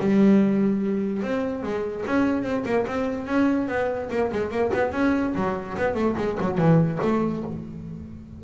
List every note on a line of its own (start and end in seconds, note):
0.00 1.23 G3
1.23 1.63 C4
1.63 2.05 G#3
2.07 2.43 C#4
2.43 2.64 C4
2.66 2.86 A#3
2.87 3.27 C4
3.27 3.68 C#4
3.68 4.10 B3
4.11 4.31 A#3
4.32 4.51 G#3
4.51 4.72 A#3
4.74 4.93 B3
4.93 5.34 C#4
5.35 5.77 F#3
5.78 5.95 B3
5.95 6.16 A3
6.18 6.38 G#3
6.40 6.58 F#3
6.58 6.99 E3
7.02 7.44 A3